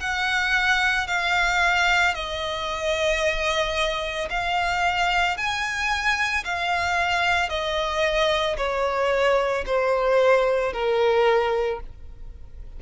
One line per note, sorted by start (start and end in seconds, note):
0.00 1.07 F#5
1.07 2.14 F5
2.14 4.29 D#5
4.30 5.37 F5
5.37 6.44 G#5
6.44 7.49 F5
7.49 8.56 D#5
8.57 9.64 C#5
9.65 10.72 C5
10.72 11.80 A#4